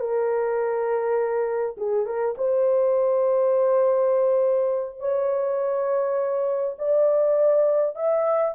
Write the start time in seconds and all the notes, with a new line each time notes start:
0.00 A#4
1.78 G#4
2.06 A#4
2.38 C5
5.00 C#5
6.79 D5
7.95 E5